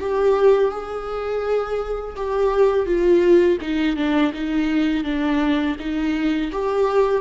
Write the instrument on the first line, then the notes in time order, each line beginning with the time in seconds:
viola
0.00 G4
0.71 G#4
2.16 G4
2.86 F4
3.61 D#4
3.96 D4
4.34 D#4
5.04 D4
5.79 D#4
6.52 G4